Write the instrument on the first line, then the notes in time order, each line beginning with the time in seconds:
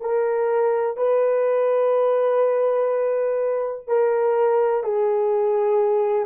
horn
0.00 A#4
0.97 B4
3.87 A#4
4.83 G#4